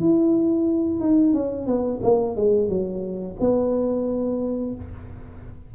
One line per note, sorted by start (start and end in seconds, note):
0.00 1.00 E4
1.00 1.33 D#4
1.33 1.67 C#4
1.67 2.00 B3
2.03 2.36 A#3
2.36 2.69 G#3
2.69 3.36 F#3
3.40 4.75 B3